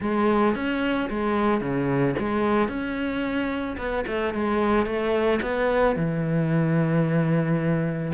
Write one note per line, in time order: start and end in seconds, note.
0.00 0.55 G#3
0.55 1.09 C#4
1.09 1.60 G#3
1.60 2.14 C#3
2.18 2.68 G#3
2.68 3.76 C#4
3.77 4.04 B3
4.07 4.33 A3
4.33 4.86 G#3
4.86 5.40 A3
5.42 5.96 B3
5.96 8.12 E3